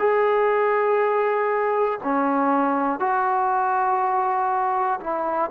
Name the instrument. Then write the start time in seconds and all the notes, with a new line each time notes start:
trombone
0.00 G#4
2.04 C#4
3.00 F#4
5.01 E4